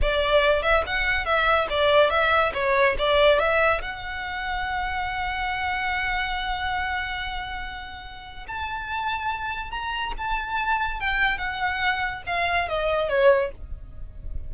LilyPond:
\new Staff \with { instrumentName = "violin" } { \time 4/4 \tempo 4 = 142 d''4. e''8 fis''4 e''4 | d''4 e''4 cis''4 d''4 | e''4 fis''2.~ | fis''1~ |
fis''1 | a''2. ais''4 | a''2 g''4 fis''4~ | fis''4 f''4 dis''4 cis''4 | }